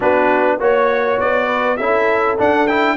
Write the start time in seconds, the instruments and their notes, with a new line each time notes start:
0.00 tuba B3, trombone D4, horn F#4, trumpet B4
0.59 tuba A#3, trombone F#4, horn C#5, trumpet C#5
1.19 tuba B3, trumpet D5
1.46 horn B4
1.76 tuba C#4, trombone E4, horn A4, trumpet E5
2.37 trombone D4, tuba D4, trumpet F#5
2.67 trombone E4, trumpet G5